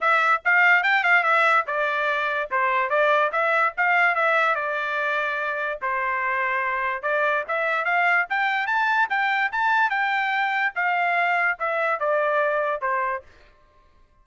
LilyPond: \new Staff \with { instrumentName = "trumpet" } { \time 4/4 \tempo 4 = 145 e''4 f''4 g''8 f''8 e''4 | d''2 c''4 d''4 | e''4 f''4 e''4 d''4~ | d''2 c''2~ |
c''4 d''4 e''4 f''4 | g''4 a''4 g''4 a''4 | g''2 f''2 | e''4 d''2 c''4 | }